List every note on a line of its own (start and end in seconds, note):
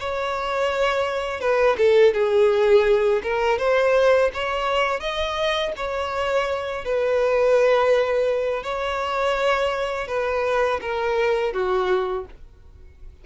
0.00 1.41 C#5
1.41 1.77 B4
1.78 2.14 A4
2.14 3.22 G#4
3.23 3.58 A#4
3.58 4.31 C5
4.34 5.00 C#5
5.00 5.73 D#5
5.77 6.85 C#5
6.85 8.64 B4
8.64 10.08 C#5
10.08 10.80 B4
10.81 11.53 A#4
11.53 12.26 F#4